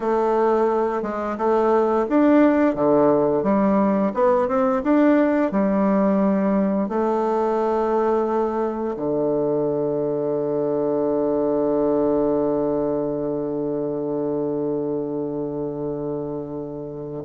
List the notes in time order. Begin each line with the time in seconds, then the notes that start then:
0.00 A3
1.02 G#3
1.37 A3
2.09 D4
2.75 D3
3.43 G3
4.14 B3
4.48 C4
4.83 D4
5.51 G3
6.88 A3
8.96 D3